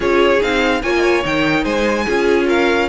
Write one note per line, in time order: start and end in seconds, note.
0.00 0.39 C#4
0.00 0.39 F4
0.00 0.80 G#4
0.00 0.42 C#5
0.41 0.83 C4
0.41 0.82 D#4
0.41 0.82 F5
0.82 1.24 A#3
0.82 1.22 F4
0.82 0.93 C#5
0.82 1.23 G#5
0.96 1.63 C#5
0.96 1.01 D#5
1.22 1.64 D#3
1.22 2.05 D#4
1.22 1.64 G5
1.63 2.06 G#3
1.63 2.05 C5
1.63 2.47 G#5
2.05 2.88 C#4
2.05 2.88 F4
2.05 2.47 G#4
2.47 2.88 A#4
2.47 2.88 F5